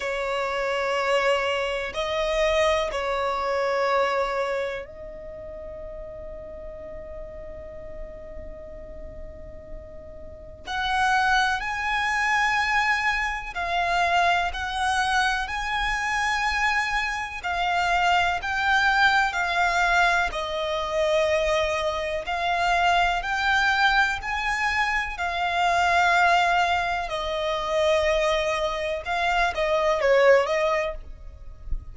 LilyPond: \new Staff \with { instrumentName = "violin" } { \time 4/4 \tempo 4 = 62 cis''2 dis''4 cis''4~ | cis''4 dis''2.~ | dis''2. fis''4 | gis''2 f''4 fis''4 |
gis''2 f''4 g''4 | f''4 dis''2 f''4 | g''4 gis''4 f''2 | dis''2 f''8 dis''8 cis''8 dis''8 | }